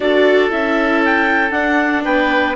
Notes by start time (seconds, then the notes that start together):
0.00 D4 F#4 A4 D5
0.49 C#4 E4 E5
1.04 G5
1.50 D4 F#5
2.03 B3 B4 G5